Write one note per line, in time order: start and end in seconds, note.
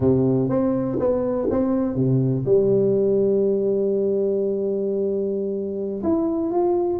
0.00 0.49 C3
0.49 0.98 C4
0.99 1.48 B3
1.50 1.95 C4
1.95 2.44 C3
2.45 6.02 G3
6.03 6.51 E4
6.51 6.99 F4